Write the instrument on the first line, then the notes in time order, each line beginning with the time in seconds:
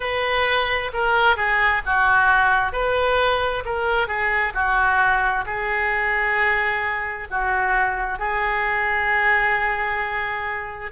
oboe
0.00 B4
0.93 A#4
1.36 G#4
1.85 F#4
2.72 B4
3.65 A#4
4.07 G#4
4.53 F#4
5.45 G#4
7.30 F#4
8.19 G#4